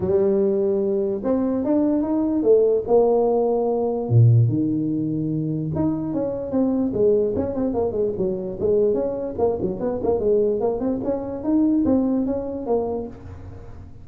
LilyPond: \new Staff \with { instrumentName = "tuba" } { \time 4/4 \tempo 4 = 147 g2. c'4 | d'4 dis'4 a4 ais4~ | ais2 ais,4 dis4~ | dis2 dis'4 cis'4 |
c'4 gis4 cis'8 c'8 ais8 gis8 | fis4 gis4 cis'4 ais8 fis8 | b8 ais8 gis4 ais8 c'8 cis'4 | dis'4 c'4 cis'4 ais4 | }